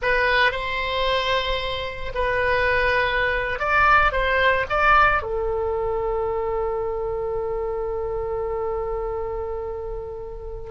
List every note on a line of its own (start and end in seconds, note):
0.01 0.51 B4
0.51 2.12 C5
2.14 3.59 B4
3.59 4.12 D5
4.12 4.65 C5
4.69 5.22 D5
5.22 10.70 A4